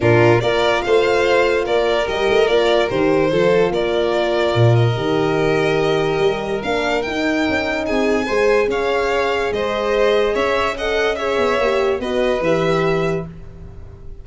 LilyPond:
<<
  \new Staff \with { instrumentName = "violin" } { \time 4/4 \tempo 4 = 145 ais'4 d''4 f''2 | d''4 dis''4 d''4 c''4~ | c''4 d''2~ d''8 dis''8~ | dis''1 |
f''4 g''2 gis''4~ | gis''4 f''2 dis''4~ | dis''4 e''4 fis''4 e''4~ | e''4 dis''4 e''2 | }
  \new Staff \with { instrumentName = "violin" } { \time 4/4 f'4 ais'4 c''2 | ais'1 | a'4 ais'2.~ | ais'1~ |
ais'2. gis'4 | c''4 cis''2 c''4~ | c''4 cis''4 dis''4 cis''4~ | cis''4 b'2. | }
  \new Staff \with { instrumentName = "horn" } { \time 4/4 d'4 f'2.~ | f'4 g'4 f'4 g'4 | f'1 | g'1 |
d'4 dis'2. | gis'1~ | gis'2 a'4 gis'4 | g'4 fis'4 g'2 | }
  \new Staff \with { instrumentName = "tuba" } { \time 4/4 ais,4 ais4 a2 | ais4 g8 a8 ais4 dis4 | f4 ais2 ais,4 | dis2. g4 |
ais4 dis'4 cis'4 c'4 | gis4 cis'2 gis4~ | gis4 cis'2~ cis'8 b8 | ais4 b4 e2 | }
>>